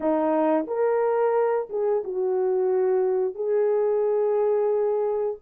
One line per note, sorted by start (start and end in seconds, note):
0.00 0.66 D#4
0.67 1.68 A#4
1.69 2.03 G#4
2.03 3.34 F#4
3.34 5.37 G#4